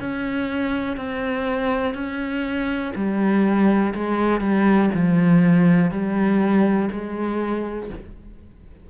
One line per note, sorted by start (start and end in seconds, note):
0.00 0.97 C#4
0.97 1.94 C4
1.94 2.92 C#4
2.96 3.94 G3
3.94 4.40 G#3
4.40 4.90 G3
4.94 5.91 F3
5.91 6.89 G3
6.91 7.90 G#3